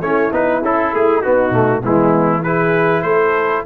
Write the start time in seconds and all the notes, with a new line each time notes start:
0.00 A3 C#4 E4 C#5
0.31 B3 D#4 B4
0.61 C#4 E4 A4
0.93 A3 G#4
1.21 B3 D#4 F#4
1.50 B2 A3
1.80 E3 G#3 B3 E4
2.43 E4 G#4 B4
3.02 A3 A4 C5